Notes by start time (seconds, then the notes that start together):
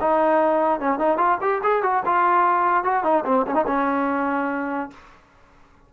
0.00 D#4
0.80 C#4
0.98 D#4
1.17 F4
1.41 G4
1.63 G#4
1.82 F#4
2.05 F4
2.84 F#4
3.03 D#4
3.25 C4
3.47 C#4
3.54 D#4
3.67 C#4